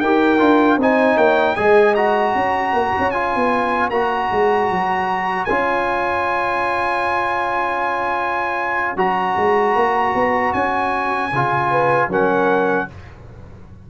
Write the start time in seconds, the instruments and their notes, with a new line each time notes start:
0.00 tuba D#4, trombone G4, horn A#4, trumpet G5
0.39 tuba D4, trombone F4
0.77 tuba C4, trombone D#4, horn C5, trumpet G#5
1.17 tuba A#3, horn C#5, trumpet G5
1.55 tuba G#3, trombone G#4, horn D#5, trumpet G#5
1.95 trombone F#4, trumpet A#5
2.34 tuba C#4, horn C#5
2.73 tuba A#3
2.98 tuba C#4
3.11 trombone F4, trumpet G#5
3.35 tuba B3
3.90 tuba A#3, trombone F#4, trumpet A#5
4.32 tuba G#3
4.70 tuba F#3
5.45 tuba C#4, trombone F4, trumpet G#5
8.96 tuba F#3, trombone F#4, trumpet A#5
9.37 tuba G#3
9.75 tuba A#3
10.14 tuba B3
10.53 tuba C#4, trumpet G#5
11.32 tuba C#3, trombone F4
11.70 horn B4
12.08 tuba F#3, trombone C#4, horn A#4, trumpet F#5